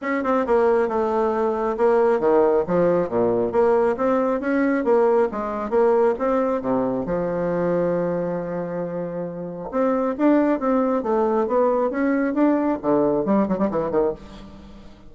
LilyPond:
\new Staff \with { instrumentName = "bassoon" } { \time 4/4 \tempo 4 = 136 cis'8 c'8 ais4 a2 | ais4 dis4 f4 ais,4 | ais4 c'4 cis'4 ais4 | gis4 ais4 c'4 c4 |
f1~ | f2 c'4 d'4 | c'4 a4 b4 cis'4 | d'4 d4 g8 fis16 g16 e8 dis8 | }